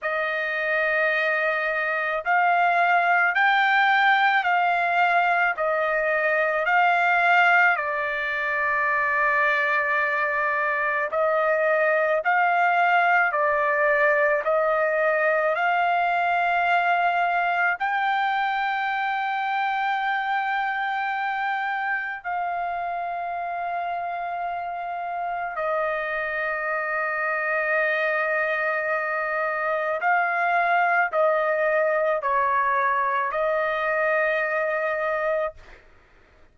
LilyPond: \new Staff \with { instrumentName = "trumpet" } { \time 4/4 \tempo 4 = 54 dis''2 f''4 g''4 | f''4 dis''4 f''4 d''4~ | d''2 dis''4 f''4 | d''4 dis''4 f''2 |
g''1 | f''2. dis''4~ | dis''2. f''4 | dis''4 cis''4 dis''2 | }